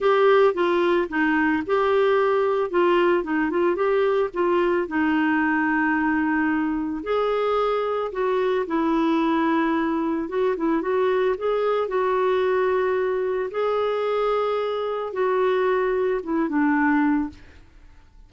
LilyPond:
\new Staff \with { instrumentName = "clarinet" } { \time 4/4 \tempo 4 = 111 g'4 f'4 dis'4 g'4~ | g'4 f'4 dis'8 f'8 g'4 | f'4 dis'2.~ | dis'4 gis'2 fis'4 |
e'2. fis'8 e'8 | fis'4 gis'4 fis'2~ | fis'4 gis'2. | fis'2 e'8 d'4. | }